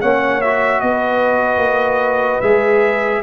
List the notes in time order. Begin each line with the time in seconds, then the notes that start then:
0.00 A#3 C#4 C#5 F#5
0.41 F#4 E5
0.80 B3 B4 D#5
1.57 A#3
2.41 G#3 G#4 E5